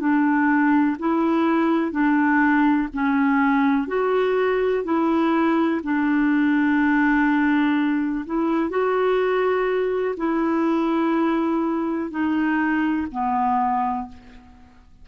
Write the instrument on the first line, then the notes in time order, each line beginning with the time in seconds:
clarinet
0.00 D4
0.99 E4
1.91 D4
2.93 C#4
3.88 F#4
4.84 E4
5.83 D4
8.26 E4
8.70 F#4
10.17 E4
12.11 D#4
13.11 B3